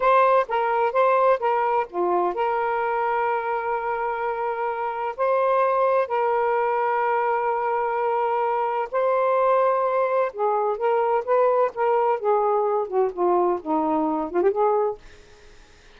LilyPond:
\new Staff \with { instrumentName = "saxophone" } { \time 4/4 \tempo 4 = 128 c''4 ais'4 c''4 ais'4 | f'4 ais'2.~ | ais'2. c''4~ | c''4 ais'2.~ |
ais'2. c''4~ | c''2 gis'4 ais'4 | b'4 ais'4 gis'4. fis'8 | f'4 dis'4. f'16 g'16 gis'4 | }